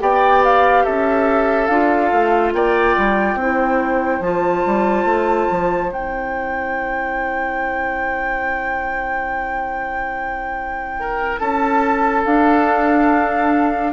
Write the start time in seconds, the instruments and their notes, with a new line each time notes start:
0.00 bassoon B3, clarinet G4, oboe D5, flute G5
0.44 flute F5
0.85 bassoon C#4, oboe A4, flute E5
1.67 bassoon D4, clarinet F4, flute F5
2.12 bassoon A3
2.53 bassoon A#3, oboe D5, flute G5
2.97 bassoon G3
3.35 bassoon C4, clarinet E4, oboe C5
4.20 bassoon F3, clarinet F4, flute A5
4.66 bassoon G3
5.05 bassoon A3
5.51 bassoon F3
5.89 bassoon C4, clarinet E4, flute G5
11.00 oboe A#4
11.38 bassoon C#4, oboe A4, flute A5
12.25 bassoon D4, clarinet D4, flute F5